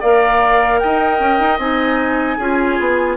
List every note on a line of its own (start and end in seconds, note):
0.00 0.82 A#3
0.00 1.60 A#4
0.00 0.79 D5
0.00 0.79 F5
0.79 1.19 D#4
0.79 2.37 D#5
0.79 1.58 G5
1.19 1.39 C#4
1.40 1.58 D#4
1.58 2.37 C4
1.58 2.38 D#4
1.58 3.16 G#5
2.37 2.78 C#4
2.37 3.16 F4
2.37 3.16 G#4
2.79 3.16 B3